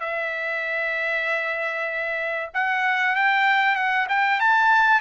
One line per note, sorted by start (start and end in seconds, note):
0.00 2.50 E5
2.54 3.16 F#5
3.16 3.76 G5
3.76 4.07 F#5
4.09 4.40 G5
4.40 5.01 A5